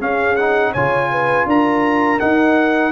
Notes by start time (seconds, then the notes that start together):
0.00 C#4 G#4 F5
0.36 D#4 F#5
0.72 C#3 F4 C#5 G#5
1.11 B4
1.46 D4 A#4 A#5
2.20 D#4 F#5